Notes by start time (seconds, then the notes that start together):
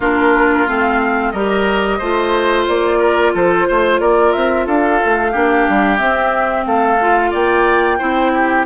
0.00 A#3 D4 F4 A#4
0.67 A3 C4 F5
1.31 G3 G4 A#4 D#5
1.98 A3 F4 C5
2.67 A#3 D5
2.98 A#4
3.34 F3 A4 C5
3.67 A3 C5
4.00 A#3 A#4 D5
4.32 C4 E5
4.66 D4 A4 F5
5.05 A3
5.31 A#3 D4 G4
5.68 G3
5.97 C4 E5
6.65 A3 A4 F5
7.01 F4
7.31 A#3 D5 G5
7.98 C4 E4 C5
8.34 G4